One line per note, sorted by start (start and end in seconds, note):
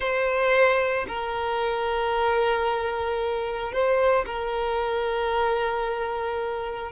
0.00 1.05 C5
1.08 3.72 A#4
3.72 4.25 C5
4.26 6.91 A#4